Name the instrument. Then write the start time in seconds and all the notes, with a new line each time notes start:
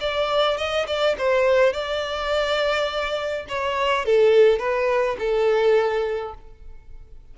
violin
0.00 D5
0.57 D#5
0.87 D5
1.18 C5
1.73 D5
3.49 C#5
4.05 A4
4.59 B4
5.19 A4